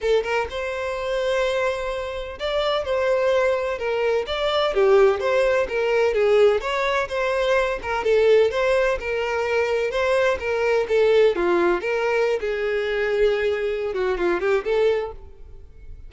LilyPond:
\new Staff \with { instrumentName = "violin" } { \time 4/4 \tempo 4 = 127 a'8 ais'8 c''2.~ | c''4 d''4 c''2 | ais'4 d''4 g'4 c''4 | ais'4 gis'4 cis''4 c''4~ |
c''8 ais'8 a'4 c''4 ais'4~ | ais'4 c''4 ais'4 a'4 | f'4 ais'4~ ais'16 gis'4.~ gis'16~ | gis'4. fis'8 f'8 g'8 a'4 | }